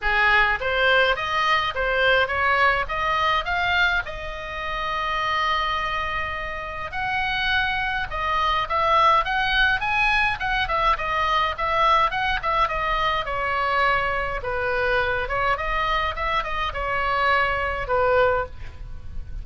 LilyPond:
\new Staff \with { instrumentName = "oboe" } { \time 4/4 \tempo 4 = 104 gis'4 c''4 dis''4 c''4 | cis''4 dis''4 f''4 dis''4~ | dis''1 | fis''2 dis''4 e''4 |
fis''4 gis''4 fis''8 e''8 dis''4 | e''4 fis''8 e''8 dis''4 cis''4~ | cis''4 b'4. cis''8 dis''4 | e''8 dis''8 cis''2 b'4 | }